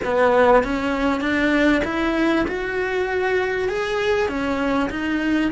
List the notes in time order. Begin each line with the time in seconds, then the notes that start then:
0.04 B3
0.63 C#4
1.20 D4
1.84 E4
2.47 F#4
3.68 G#4
4.28 C#4
4.90 D#4